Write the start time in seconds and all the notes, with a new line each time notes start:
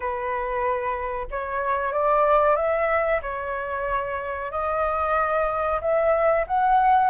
0.00 B4
1.30 C#5
1.92 D5
2.56 E5
3.22 C#5
4.51 D#5
5.81 E5
6.47 F#5